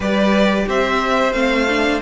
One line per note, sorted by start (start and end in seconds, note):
0.00 0.65 G3
0.00 1.32 G4
0.00 0.65 B4
0.00 0.68 D5
0.68 1.32 C4
0.68 2.02 C5
0.68 1.32 E5
1.32 1.99 A3
1.32 1.66 C4
1.32 2.00 F5
1.68 2.02 D4